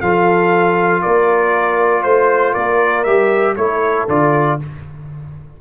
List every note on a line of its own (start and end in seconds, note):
0.00 1.03 F3
0.00 3.06 F4
0.00 1.02 A4
0.00 1.01 F5
1.01 2.04 A#3
1.01 2.03 A#4
1.01 2.03 D5
2.03 2.55 A3
2.03 2.53 C5
2.53 3.06 A#3
2.53 3.54 A#4
2.53 3.03 D5
3.03 3.56 G3
3.03 3.57 G4
3.03 3.54 E5
3.56 4.07 A3
3.56 4.08 E4
3.56 4.60 A4
3.56 4.06 C#5
4.08 4.59 D3
4.08 4.59 F4
4.08 4.60 D5